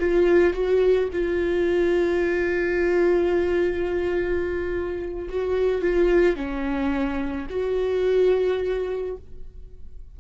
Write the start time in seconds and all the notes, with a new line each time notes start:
0.00 F4
0.54 F#4
1.13 F4
5.29 F#4
5.82 F4
6.36 C#4
7.50 F#4